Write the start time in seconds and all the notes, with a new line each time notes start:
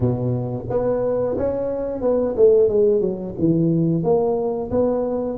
0.00 B2
0.69 B3
1.37 C#4
2.01 B3
2.36 A3
2.68 G#3
3.00 F#3
3.39 E3
4.03 A#3
4.70 B3